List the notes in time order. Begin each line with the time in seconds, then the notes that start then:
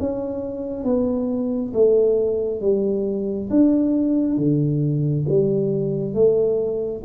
0.00 C#4
0.84 B3
1.74 A3
2.61 G3
3.50 D4
4.38 D3
5.29 G3
6.14 A3